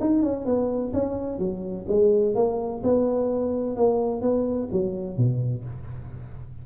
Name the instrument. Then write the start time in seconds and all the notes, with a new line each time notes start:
tuba
0.00 D#4
0.23 C#4
0.46 B3
0.93 C#4
1.39 F#3
1.88 G#3
2.35 A#3
2.83 B3
3.76 A#3
4.22 B3
4.72 F#3
5.17 B2